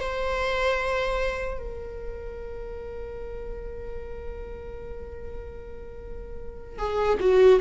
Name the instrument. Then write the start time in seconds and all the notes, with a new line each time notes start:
viola
0.00 C5
1.59 A#4
6.79 G#4
7.20 F#4